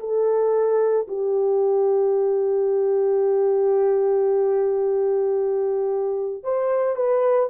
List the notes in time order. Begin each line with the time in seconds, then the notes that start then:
0.00 A4
1.08 G4
6.44 C5
6.96 B4